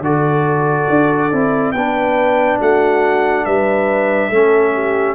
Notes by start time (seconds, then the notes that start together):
0.00 D3 F#4 A4 D5
0.89 D4
1.32 C4 E4
1.71 B3 D4 B4 G5
2.59 A3 F#4 F#5
3.45 G3 B4 E5
4.30 A3 C#4 A4
4.73 G4